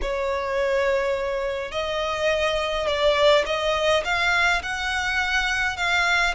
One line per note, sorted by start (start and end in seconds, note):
0.01 1.71 C#5
1.71 2.87 D#5
2.87 3.45 D5
3.46 4.03 D#5
4.04 4.62 F5
4.62 5.76 F#5
5.76 6.34 F5